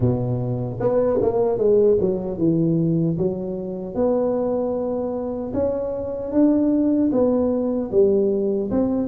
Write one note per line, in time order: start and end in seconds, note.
0.00 0.79 B2
0.80 1.19 B3
1.21 1.58 A#3
1.58 1.97 G#3
2.00 2.38 F#3
2.38 3.17 E3
3.17 3.94 F#3
3.94 5.52 B3
5.53 6.32 C#4
6.32 7.11 D4
7.12 7.91 B3
7.91 8.70 G3
8.71 9.07 C4